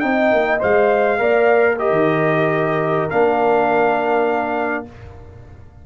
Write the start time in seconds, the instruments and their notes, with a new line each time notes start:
0.00 tuba C4, trombone D#4, horn D#5, trumpet G5
0.32 tuba A#3
0.59 tuba G#3, trombone C5, trumpet F5
1.18 tuba A#3, trombone A#4, horn D5
1.74 trombone G4, horn A#4, trumpet D#5
1.90 tuba D#3
3.10 tuba A#3, trombone D4, trumpet F5